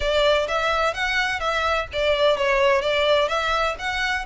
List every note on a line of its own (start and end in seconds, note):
0.00 0.47 D5
0.48 0.93 E5
0.93 1.39 F#5
1.39 1.87 E5
1.92 2.37 D5
2.37 2.81 C#5
2.81 3.28 D5
3.28 3.75 E5
3.78 4.25 F#5